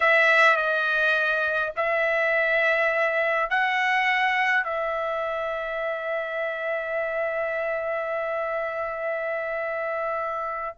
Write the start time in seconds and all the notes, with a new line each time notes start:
0.00 E5
0.56 D#5
1.76 E5
3.50 F#5
4.63 E5